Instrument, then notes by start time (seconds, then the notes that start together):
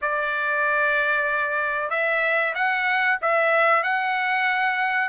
trumpet
0.01 D5
1.90 E5
2.54 F#5
3.21 E5
3.83 F#5